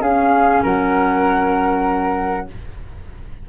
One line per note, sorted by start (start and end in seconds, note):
0.00 0.61 C#4
0.00 2.46 C#4
0.00 0.62 G#4
0.00 0.62 F5
0.62 2.47 F#3
0.62 2.46 A#4
0.62 2.48 F#5